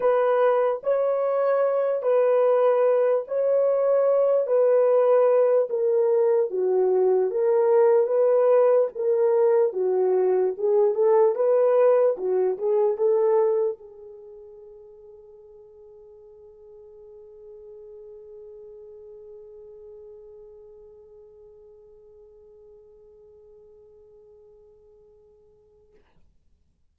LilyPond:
\new Staff \with { instrumentName = "horn" } { \time 4/4 \tempo 4 = 74 b'4 cis''4. b'4. | cis''4. b'4. ais'4 | fis'4 ais'4 b'4 ais'4 | fis'4 gis'8 a'8 b'4 fis'8 gis'8 |
a'4 gis'2.~ | gis'1~ | gis'1~ | gis'1 | }